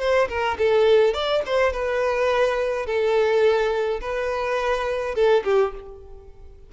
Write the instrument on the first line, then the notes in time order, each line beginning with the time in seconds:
violin
0.00 C5
0.29 A#4
0.58 A4
1.14 D5
1.46 C5
1.73 B4
2.86 A4
4.01 B4
5.15 A4
5.44 G4